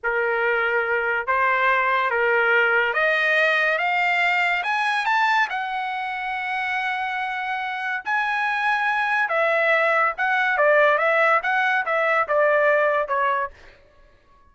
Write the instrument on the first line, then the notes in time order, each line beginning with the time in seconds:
trumpet
0.03 A#4
1.27 C5
2.10 A#4
2.93 D#5
3.78 F5
4.63 G#5
5.05 A5
5.49 F#5
8.05 G#5
9.28 E5
10.17 F#5
10.57 D5
10.98 E5
11.42 F#5
11.85 E5
12.28 D5
13.08 C#5